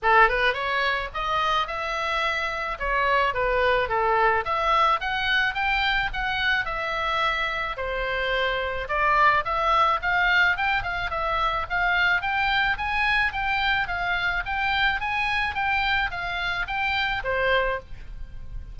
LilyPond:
\new Staff \with { instrumentName = "oboe" } { \time 4/4 \tempo 4 = 108 a'8 b'8 cis''4 dis''4 e''4~ | e''4 cis''4 b'4 a'4 | e''4 fis''4 g''4 fis''4 | e''2 c''2 |
d''4 e''4 f''4 g''8 f''8 | e''4 f''4 g''4 gis''4 | g''4 f''4 g''4 gis''4 | g''4 f''4 g''4 c''4 | }